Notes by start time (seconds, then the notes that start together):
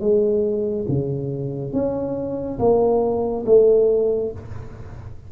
0.00 G#3
0.88 C#3
1.73 C#4
2.59 A#3
3.46 A3